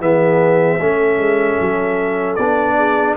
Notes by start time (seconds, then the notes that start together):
0.00 E3 B3 G#4 E5
0.79 A3 C#4 A4
1.18 G#3
1.60 F#3
2.35 B3 D4 D5
2.76 G#4